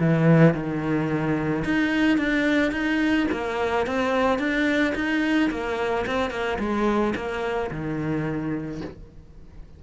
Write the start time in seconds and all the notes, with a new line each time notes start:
0.00 E3
0.54 D#3
1.65 D#4
2.18 D4
2.72 D#4
3.32 A#3
3.87 C4
4.39 D4
4.95 D#4
5.51 A#3
6.07 C4
6.31 A#3
6.59 G#3
7.16 A#3
7.71 D#3